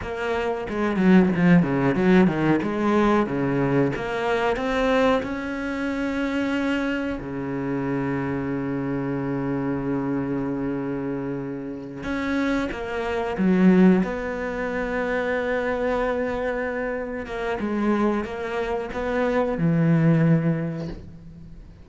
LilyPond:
\new Staff \with { instrumentName = "cello" } { \time 4/4 \tempo 4 = 92 ais4 gis8 fis8 f8 cis8 fis8 dis8 | gis4 cis4 ais4 c'4 | cis'2. cis4~ | cis1~ |
cis2~ cis8 cis'4 ais8~ | ais8 fis4 b2~ b8~ | b2~ b8 ais8 gis4 | ais4 b4 e2 | }